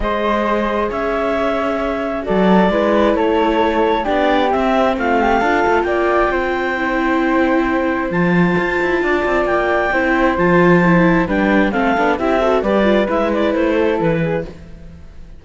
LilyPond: <<
  \new Staff \with { instrumentName = "clarinet" } { \time 4/4 \tempo 4 = 133 dis''2 e''2~ | e''4 d''2 cis''4~ | cis''4 d''4 e''4 f''4~ | f''4 g''2.~ |
g''2 a''2~ | a''4 g''2 a''4~ | a''4 g''4 f''4 e''4 | d''4 e''8 d''8 c''4 b'4 | }
  \new Staff \with { instrumentName = "flute" } { \time 4/4 c''2 cis''2~ | cis''4 a'4 b'4 a'4~ | a'4 g'2 f'8 g'8 | a'4 d''4 c''2~ |
c''1 | d''2 c''2~ | c''4 b'4 a'4 g'8 a'8 | b'2~ b'8 a'4 gis'8 | }
  \new Staff \with { instrumentName = "viola" } { \time 4/4 gis'1~ | gis'4 fis'4 e'2~ | e'4 d'4 c'2 | f'2. e'4~ |
e'2 f'2~ | f'2 e'4 f'4 | e'4 d'4 c'8 d'8 e'8 fis'8 | g'8 f'8 e'2. | }
  \new Staff \with { instrumentName = "cello" } { \time 4/4 gis2 cis'2~ | cis'4 fis4 gis4 a4~ | a4 b4 c'4 a4 | d'8 a8 ais4 c'2~ |
c'2 f4 f'8 e'8 | d'8 c'8 ais4 c'4 f4~ | f4 g4 a8 b8 c'4 | g4 gis4 a4 e4 | }
>>